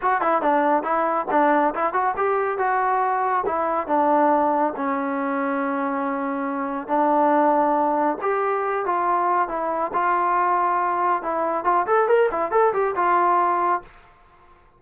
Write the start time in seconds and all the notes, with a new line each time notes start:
0.01 F#4
0.21 E4
0.41 D4
0.83 E4
1.30 D4
1.74 E4
1.93 F#4
2.16 G4
2.58 F#4
3.45 E4
3.87 D4
4.76 C#4
6.87 D4
8.21 G4
8.85 F4
9.48 E4
9.93 F4
11.22 E4
11.64 F4
11.86 A4
12.07 A#4
12.31 E4
12.51 A4
12.73 G4
12.95 F4